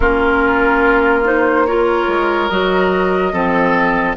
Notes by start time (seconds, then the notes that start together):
0.00 A#3 C#4 F4 A#4
1.24 D#4 C5
1.66 F4 A#4 C#5
2.07 G#3
2.49 F#3 F#4 D#5
3.32 F3 C4 A4